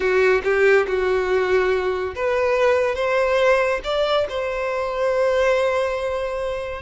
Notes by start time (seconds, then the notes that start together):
0.00 F#4
0.44 G4
0.87 F#4
2.15 B4
2.95 C5
3.84 D5
4.29 C5